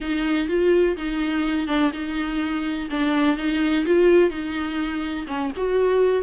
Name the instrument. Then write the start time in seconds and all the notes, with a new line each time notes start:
viola
0.00 D#4
0.48 F4
0.96 D#4
1.67 D4
1.92 D#4
2.90 D4
3.37 D#4
3.85 F4
4.30 D#4
5.27 C#4
5.56 F#4